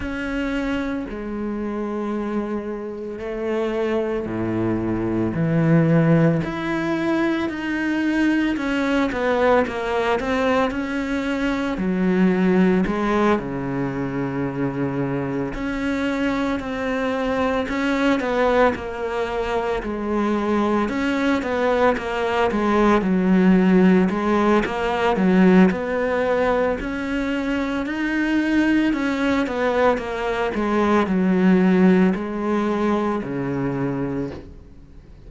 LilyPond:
\new Staff \with { instrumentName = "cello" } { \time 4/4 \tempo 4 = 56 cis'4 gis2 a4 | a,4 e4 e'4 dis'4 | cis'8 b8 ais8 c'8 cis'4 fis4 | gis8 cis2 cis'4 c'8~ |
c'8 cis'8 b8 ais4 gis4 cis'8 | b8 ais8 gis8 fis4 gis8 ais8 fis8 | b4 cis'4 dis'4 cis'8 b8 | ais8 gis8 fis4 gis4 cis4 | }